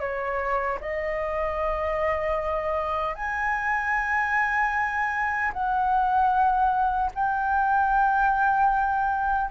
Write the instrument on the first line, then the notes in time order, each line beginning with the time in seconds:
flute
0.00 C#5
0.81 D#5
3.15 G#5
5.53 F#5
7.15 G5